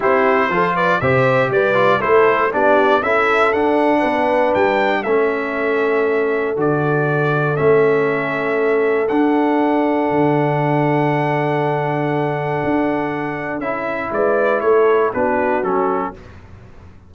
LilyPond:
<<
  \new Staff \with { instrumentName = "trumpet" } { \time 4/4 \tempo 4 = 119 c''4. d''8 e''4 d''4 | c''4 d''4 e''4 fis''4~ | fis''4 g''4 e''2~ | e''4 d''2 e''4~ |
e''2 fis''2~ | fis''1~ | fis''2. e''4 | d''4 cis''4 b'4 a'4 | }
  \new Staff \with { instrumentName = "horn" } { \time 4/4 g'4 a'8 b'8 c''4 b'4 | a'4 g'4 a'2 | b'2 a'2~ | a'1~ |
a'1~ | a'1~ | a'1 | b'4 a'4 fis'2 | }
  \new Staff \with { instrumentName = "trombone" } { \time 4/4 e'4 f'4 g'4. f'8 | e'4 d'4 e'4 d'4~ | d'2 cis'2~ | cis'4 fis'2 cis'4~ |
cis'2 d'2~ | d'1~ | d'2. e'4~ | e'2 d'4 cis'4 | }
  \new Staff \with { instrumentName = "tuba" } { \time 4/4 c'4 f4 c4 g4 | a4 b4 cis'4 d'4 | b4 g4 a2~ | a4 d2 a4~ |
a2 d'2 | d1~ | d4 d'2 cis'4 | gis4 a4 b4 fis4 | }
>>